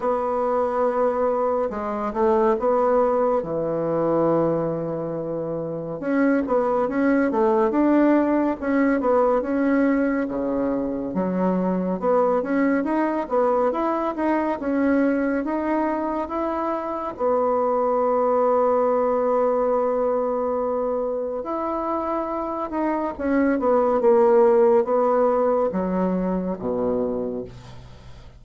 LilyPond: \new Staff \with { instrumentName = "bassoon" } { \time 4/4 \tempo 4 = 70 b2 gis8 a8 b4 | e2. cis'8 b8 | cis'8 a8 d'4 cis'8 b8 cis'4 | cis4 fis4 b8 cis'8 dis'8 b8 |
e'8 dis'8 cis'4 dis'4 e'4 | b1~ | b4 e'4. dis'8 cis'8 b8 | ais4 b4 fis4 b,4 | }